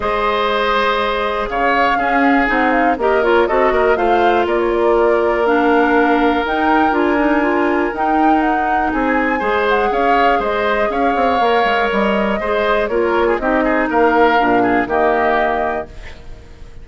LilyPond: <<
  \new Staff \with { instrumentName = "flute" } { \time 4/4 \tempo 4 = 121 dis''2. f''4~ | f''4 fis''8 f''8 dis''8 cis''8 dis''4 | f''4 d''16 cis''16 d''4. f''4~ | f''4 g''4 gis''2 |
g''4 fis''4 gis''4. fis''8 | f''4 dis''4 f''2 | dis''2 cis''4 dis''4 | f''2 dis''2 | }
  \new Staff \with { instrumentName = "oboe" } { \time 4/4 c''2. cis''4 | gis'2 ais'4 a'8 ais'8 | c''4 ais'2.~ | ais'1~ |
ais'2 gis'4 c''4 | cis''4 c''4 cis''2~ | cis''4 c''4 ais'8. gis'16 g'8 gis'8 | ais'4. gis'8 g'2 | }
  \new Staff \with { instrumentName = "clarinet" } { \time 4/4 gis'1 | cis'4 dis'4 g'8 f'8 fis'4 | f'2. d'4~ | d'4 dis'4 f'8 dis'8 f'4 |
dis'2. gis'4~ | gis'2. ais'4~ | ais'4 gis'4 f'4 dis'4~ | dis'4 d'4 ais2 | }
  \new Staff \with { instrumentName = "bassoon" } { \time 4/4 gis2. cis4 | cis'4 c'4 ais4 c'8 ais8 | a4 ais2.~ | ais4 dis'4 d'2 |
dis'2 c'4 gis4 | cis'4 gis4 cis'8 c'8 ais8 gis8 | g4 gis4 ais4 c'4 | ais4 ais,4 dis2 | }
>>